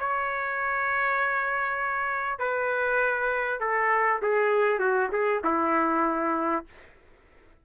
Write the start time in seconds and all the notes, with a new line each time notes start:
0.00 C#5
2.39 B4
3.61 A4
4.22 G#4
4.79 F#4
5.12 G#4
5.45 E4